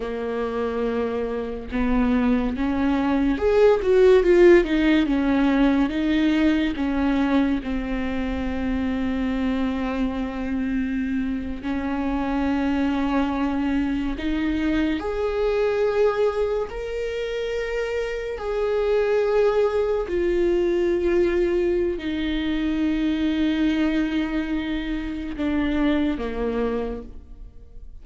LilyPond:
\new Staff \with { instrumentName = "viola" } { \time 4/4 \tempo 4 = 71 ais2 b4 cis'4 | gis'8 fis'8 f'8 dis'8 cis'4 dis'4 | cis'4 c'2.~ | c'4.~ c'16 cis'2~ cis'16~ |
cis'8. dis'4 gis'2 ais'16~ | ais'4.~ ais'16 gis'2 f'16~ | f'2 dis'2~ | dis'2 d'4 ais4 | }